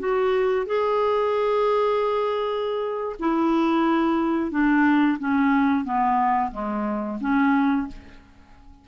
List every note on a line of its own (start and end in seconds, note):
0.00 0.67 F#4
0.67 3.17 G#4
3.20 4.52 E4
4.52 5.18 D4
5.19 5.85 C#4
5.85 6.52 B3
6.52 7.18 G#3
7.21 7.88 C#4